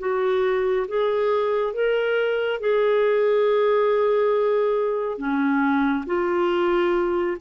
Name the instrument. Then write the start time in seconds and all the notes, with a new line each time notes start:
clarinet
0.00 F#4
0.88 G#4
1.74 A#4
2.61 G#4
5.18 C#4
6.07 F4